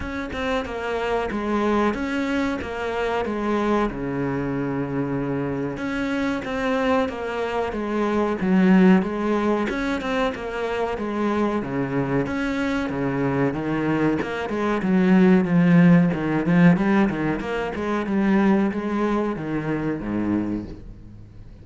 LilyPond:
\new Staff \with { instrumentName = "cello" } { \time 4/4 \tempo 4 = 93 cis'8 c'8 ais4 gis4 cis'4 | ais4 gis4 cis2~ | cis4 cis'4 c'4 ais4 | gis4 fis4 gis4 cis'8 c'8 |
ais4 gis4 cis4 cis'4 | cis4 dis4 ais8 gis8 fis4 | f4 dis8 f8 g8 dis8 ais8 gis8 | g4 gis4 dis4 gis,4 | }